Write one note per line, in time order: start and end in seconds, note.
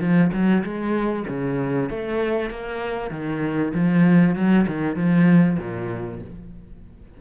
0.00 0.31 F3
0.33 0.64 F#3
0.64 1.26 G#3
1.28 1.90 C#3
1.90 2.50 A3
2.50 3.11 A#3
3.11 3.73 D#3
3.74 4.36 F3
4.36 4.66 F#3
4.68 4.96 D#3
4.96 5.58 F3
5.59 6.21 A#2